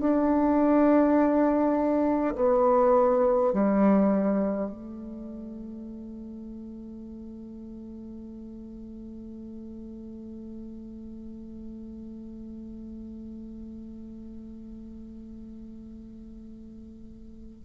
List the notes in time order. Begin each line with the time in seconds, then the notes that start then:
0.00 D4
2.36 B3
3.53 G3
4.71 A3